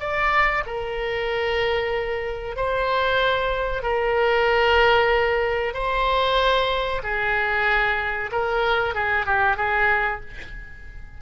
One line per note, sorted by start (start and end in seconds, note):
0.00 0.64 D5
0.66 2.56 A#4
2.56 3.83 C5
3.83 5.74 A#4
5.74 7.02 C5
7.03 8.31 G#4
8.32 8.94 A#4
8.94 9.26 G#4
9.26 9.57 G4
9.57 10.21 G#4